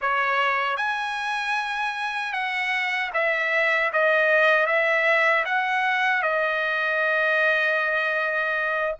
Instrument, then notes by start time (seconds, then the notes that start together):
trumpet
0.01 C#5
0.77 G#5
2.32 F#5
3.13 E5
3.92 D#5
4.66 E5
5.45 F#5
6.22 D#5